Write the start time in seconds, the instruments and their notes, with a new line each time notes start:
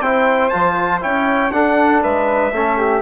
0.00 bassoon C4, trombone E4, flute C5, trumpet G5
0.49 bassoon F3, trombone F4, trumpet A5
1.00 bassoon C#4, trombone E4, flute C#5, trumpet G5
1.51 bassoon D4, trombone D4, flute A4, trumpet F#5
2.02 bassoon G#3, flute B4, trumpet E5
2.52 bassoon A3, trombone C#4, flute A4
2.77 flute G4